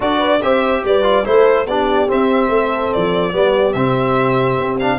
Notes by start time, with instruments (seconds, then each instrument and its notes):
0.00 tuba D4, trombone F#4, horn A4, violin D5
0.19 horn B4
0.41 tuba C4, trombone G4, horn C5, violin E5
0.84 tuba G3, horn B4, violin D5
1.02 trombone F4
1.24 tuba A3, trombone E4, horn A4, violin C5
1.66 tuba B3, trombone D4, horn G4, violin D5
2.07 trombone C4, tuba C4, violin E5
2.48 tuba A3, horn A4
2.93 tuba F3, violin D5
3.32 tuba G3, trombone B3, horn G4
3.72 tuba C3, trombone C4, violin E5
4.58 tuba C4
4.79 trombone D4, violin F5